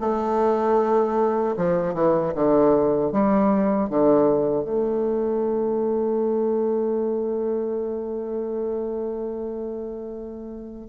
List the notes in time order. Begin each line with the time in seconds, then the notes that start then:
0.00 A3
1.57 F3
1.94 E3
2.35 D3
3.12 G3
3.90 D3
4.65 A3